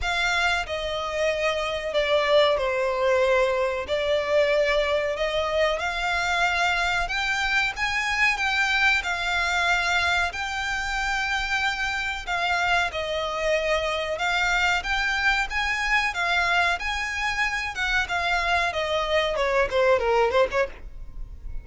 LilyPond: \new Staff \with { instrumentName = "violin" } { \time 4/4 \tempo 4 = 93 f''4 dis''2 d''4 | c''2 d''2 | dis''4 f''2 g''4 | gis''4 g''4 f''2 |
g''2. f''4 | dis''2 f''4 g''4 | gis''4 f''4 gis''4. fis''8 | f''4 dis''4 cis''8 c''8 ais'8 c''16 cis''16 | }